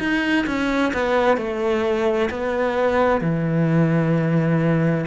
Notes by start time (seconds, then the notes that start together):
0.00 D#4
0.47 C#4
0.94 B3
1.38 A3
2.31 B3
3.21 E3